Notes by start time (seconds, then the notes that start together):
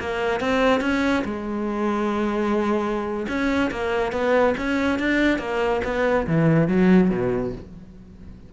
0.00 A#3
0.41 C4
0.81 C#4
1.25 G#3
3.28 C#4
3.71 A#3
4.12 B3
4.58 C#4
4.99 D4
5.39 A#3
5.84 B3
6.27 E3
6.68 F#3
7.10 B2